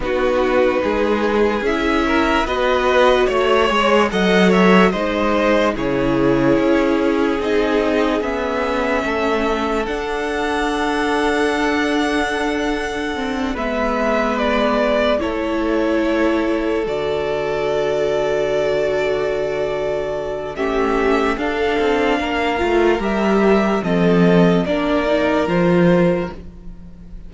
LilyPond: <<
  \new Staff \with { instrumentName = "violin" } { \time 4/4 \tempo 4 = 73 b'2 e''4 dis''4 | cis''4 fis''8 e''8 dis''4 cis''4~ | cis''4 dis''4 e''2 | fis''1~ |
fis''8 e''4 d''4 cis''4.~ | cis''8 d''2.~ d''8~ | d''4 e''4 f''2 | e''4 dis''4 d''4 c''4 | }
  \new Staff \with { instrumentName = "violin" } { \time 4/4 fis'4 gis'4. ais'8 b'4 | cis''4 dis''8 cis''8 c''4 gis'4~ | gis'2. a'4~ | a'1~ |
a'8 b'2 a'4.~ | a'1~ | a'4 g'4 a'4 ais'4~ | ais'4 a'4 ais'2 | }
  \new Staff \with { instrumentName = "viola" } { \time 4/4 dis'2 e'4 fis'4~ | fis'8 gis'8 a'4 dis'4 e'4~ | e'4 dis'4 cis'2 | d'1 |
c'8 b2 e'4.~ | e'8 fis'2.~ fis'8~ | fis'4 cis'4 d'4. f'8 | g'4 c'4 d'8 dis'8 f'4 | }
  \new Staff \with { instrumentName = "cello" } { \time 4/4 b4 gis4 cis'4 b4 | a8 gis8 fis4 gis4 cis4 | cis'4 c'4 b4 a4 | d'1~ |
d'8 gis2 a4.~ | a8 d2.~ d8~ | d4 a4 d'8 c'8 ais8 a8 | g4 f4 ais4 f4 | }
>>